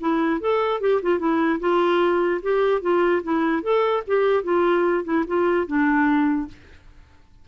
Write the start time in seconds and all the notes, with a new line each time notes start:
0.00 E4
0.41 A4
0.81 G4
1.02 F4
1.19 E4
1.60 F4
2.42 G4
2.82 F4
3.23 E4
3.62 A4
4.07 G4
4.43 F4
5.04 E4
5.27 F4
5.67 D4